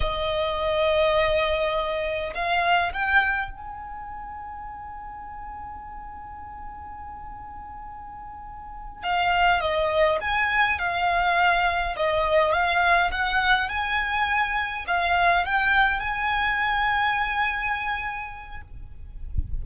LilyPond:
\new Staff \with { instrumentName = "violin" } { \time 4/4 \tempo 4 = 103 dis''1 | f''4 g''4 gis''2~ | gis''1~ | gis''2.~ gis''8 f''8~ |
f''8 dis''4 gis''4 f''4.~ | f''8 dis''4 f''4 fis''4 gis''8~ | gis''4. f''4 g''4 gis''8~ | gis''1 | }